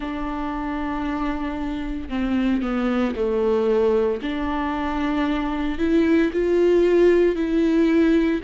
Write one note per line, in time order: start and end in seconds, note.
0.00 2.09 D4
2.09 2.62 C4
2.62 3.14 B3
3.15 4.21 A3
4.22 5.78 D4
5.78 6.31 E4
6.32 7.35 F4
7.35 8.40 E4